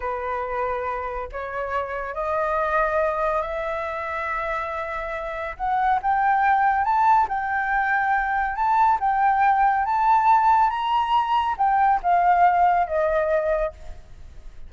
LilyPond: \new Staff \with { instrumentName = "flute" } { \time 4/4 \tempo 4 = 140 b'2. cis''4~ | cis''4 dis''2. | e''1~ | e''4 fis''4 g''2 |
a''4 g''2. | a''4 g''2 a''4~ | a''4 ais''2 g''4 | f''2 dis''2 | }